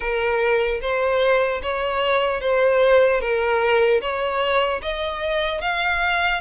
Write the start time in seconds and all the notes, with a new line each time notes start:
0.00 A#4
0.81 C5
1.62 C#5
2.40 C5
3.20 A#4
4.01 C#5
4.82 D#5
5.61 F5